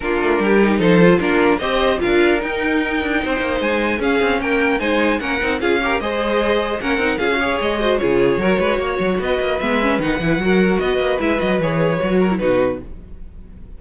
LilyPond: <<
  \new Staff \with { instrumentName = "violin" } { \time 4/4 \tempo 4 = 150 ais'2 c''4 ais'4 | dis''4 f''4 g''2~ | g''4 gis''4 f''4 g''4 | gis''4 fis''4 f''4 dis''4~ |
dis''4 fis''4 f''4 dis''4 | cis''2. dis''4 | e''4 fis''2 dis''4 | e''8 dis''8 cis''2 b'4 | }
  \new Staff \with { instrumentName = "violin" } { \time 4/4 f'4 g'4 a'4 f'4 | c''4 ais'2. | c''2 gis'4 ais'4 | c''4 ais'4 gis'8 ais'8 c''4~ |
c''4 ais'4 gis'8 cis''4 c''8 | gis'4 ais'8 b'8 cis''4 b'4~ | b'2 ais'4 b'4~ | b'2~ b'8 ais'8 fis'4 | }
  \new Staff \with { instrumentName = "viola" } { \time 4/4 d'4. dis'4 f'8 d'4 | g'4 f'4 dis'2~ | dis'2 cis'2 | dis'4 cis'8 dis'8 f'8 g'8 gis'4~ |
gis'4 cis'8 dis'8 f'16 fis'16 gis'4 fis'8 | f'4 fis'2. | b8 cis'8 dis'8 e'8 fis'2 | e'8 fis'8 gis'4 fis'8. e'16 dis'4 | }
  \new Staff \with { instrumentName = "cello" } { \time 4/4 ais8 a8 g4 f4 ais4 | c'4 d'4 dis'4. d'8 | c'8 ais8 gis4 cis'8 c'8 ais4 | gis4 ais8 c'8 cis'4 gis4~ |
gis4 ais8 c'8 cis'4 gis4 | cis4 fis8 gis8 ais8 fis8 b8 ais8 | gis4 dis8 e8 fis4 b8 ais8 | gis8 fis8 e4 fis4 b,4 | }
>>